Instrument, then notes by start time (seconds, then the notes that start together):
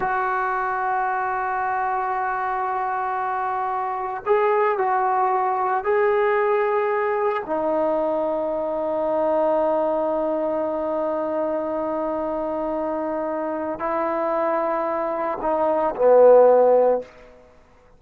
trombone
0.00 F#4
4.26 G#4
4.78 F#4
5.83 G#4
7.46 D#4
13.79 E4
15.41 D#4
15.95 B3